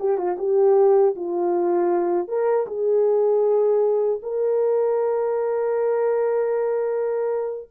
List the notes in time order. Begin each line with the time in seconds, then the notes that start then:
0.00 G4
0.18 F4
0.38 G4
1.16 F4
2.28 A#4
2.67 G#4
4.23 A#4